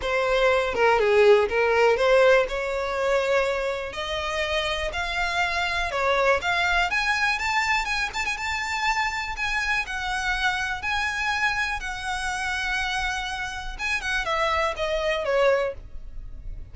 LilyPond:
\new Staff \with { instrumentName = "violin" } { \time 4/4 \tempo 4 = 122 c''4. ais'8 gis'4 ais'4 | c''4 cis''2. | dis''2 f''2 | cis''4 f''4 gis''4 a''4 |
gis''8 a''16 gis''16 a''2 gis''4 | fis''2 gis''2 | fis''1 | gis''8 fis''8 e''4 dis''4 cis''4 | }